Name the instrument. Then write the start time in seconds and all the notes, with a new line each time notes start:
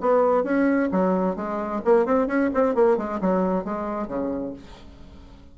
bassoon
0.00 B3
0.43 C#4
0.92 F#3
1.36 G#3
1.85 A#3
2.05 C4
2.27 C#4
2.54 C4
2.75 A#3
2.97 G#3
3.20 F#3
3.64 G#3
4.08 C#3